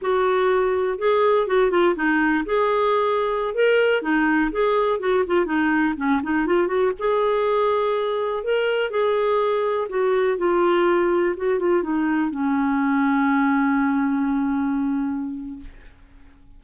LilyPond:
\new Staff \with { instrumentName = "clarinet" } { \time 4/4 \tempo 4 = 123 fis'2 gis'4 fis'8 f'8 | dis'4 gis'2~ gis'16 ais'8.~ | ais'16 dis'4 gis'4 fis'8 f'8 dis'8.~ | dis'16 cis'8 dis'8 f'8 fis'8 gis'4.~ gis'16~ |
gis'4~ gis'16 ais'4 gis'4.~ gis'16~ | gis'16 fis'4 f'2 fis'8 f'16~ | f'16 dis'4 cis'2~ cis'8.~ | cis'1 | }